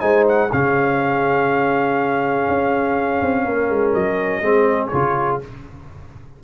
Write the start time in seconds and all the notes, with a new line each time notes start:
0.00 G#3 D#4 C5 G#5
0.29 F#5
0.52 C#3 C#4 G#4 F5
2.48 C#4
3.22 C4
3.45 A#3 A#4
3.70 G#3
3.93 F#3 D#5
4.42 G#3 C4 G#4
4.87 C#3 F4 C#5